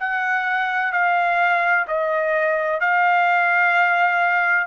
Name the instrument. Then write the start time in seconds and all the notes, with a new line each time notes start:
trumpet
0.00 F#5
0.93 F5
1.88 D#5
2.81 F5